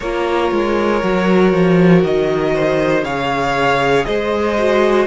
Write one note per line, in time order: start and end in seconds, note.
0.00 0.51 A#3
0.00 1.03 F4
0.00 2.54 A#4
0.00 2.03 C#5
0.51 1.02 G#3
1.03 1.53 F#3
1.03 3.04 F#4
1.53 2.03 F3
2.03 3.03 D#3
2.03 3.04 D#5
2.54 3.04 C5
3.03 4.05 C#3
3.03 4.56 G#4
3.03 4.06 C#5
3.03 4.04 F5
4.04 5.06 G#3
4.04 5.06 C5
4.04 5.06 D#5
4.57 5.06 F#4